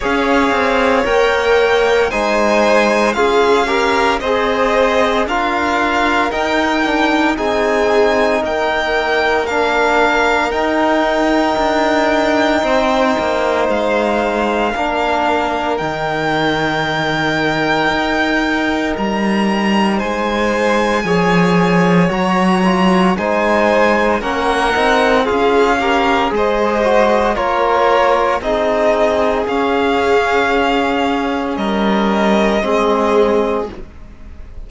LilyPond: <<
  \new Staff \with { instrumentName = "violin" } { \time 4/4 \tempo 4 = 57 f''4 g''4 gis''4 f''4 | dis''4 f''4 g''4 gis''4 | g''4 f''4 g''2~ | g''4 f''2 g''4~ |
g''2 ais''4 gis''4~ | gis''4 ais''4 gis''4 fis''4 | f''4 dis''4 cis''4 dis''4 | f''2 dis''2 | }
  \new Staff \with { instrumentName = "violin" } { \time 4/4 cis''2 c''4 gis'8 ais'8 | c''4 ais'2 gis'4 | ais'1 | c''2 ais'2~ |
ais'2. c''4 | cis''2 c''4 ais'4 | gis'8 ais'8 c''4 ais'4 gis'4~ | gis'2 ais'4 gis'4 | }
  \new Staff \with { instrumentName = "trombone" } { \time 4/4 gis'4 ais'4 dis'4 f'8 g'8 | gis'4 f'4 dis'8 d'8 dis'4~ | dis'4 d'4 dis'2~ | dis'2 d'4 dis'4~ |
dis'1 | gis'4 fis'8 f'8 dis'4 cis'8 dis'8 | f'8 g'8 gis'8 fis'8 f'4 dis'4 | cis'2. c'4 | }
  \new Staff \with { instrumentName = "cello" } { \time 4/4 cis'8 c'8 ais4 gis4 cis'4 | c'4 d'4 dis'4 c'4 | ais2 dis'4 d'4 | c'8 ais8 gis4 ais4 dis4~ |
dis4 dis'4 g4 gis4 | f4 fis4 gis4 ais8 c'8 | cis'4 gis4 ais4 c'4 | cis'2 g4 gis4 | }
>>